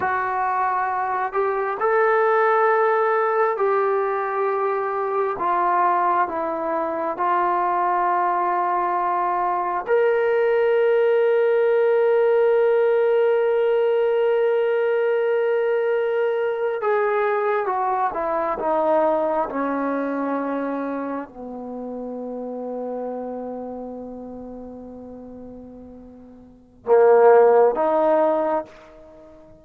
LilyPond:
\new Staff \with { instrumentName = "trombone" } { \time 4/4 \tempo 4 = 67 fis'4. g'8 a'2 | g'2 f'4 e'4 | f'2. ais'4~ | ais'1~ |
ais'2~ ais'8. gis'4 fis'16~ | fis'16 e'8 dis'4 cis'2 b16~ | b1~ | b2 ais4 dis'4 | }